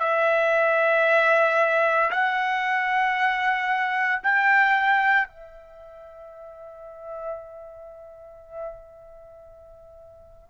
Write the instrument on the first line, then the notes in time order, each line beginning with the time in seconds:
trumpet
0.00 E5
2.11 F#5
4.23 G5
5.28 E5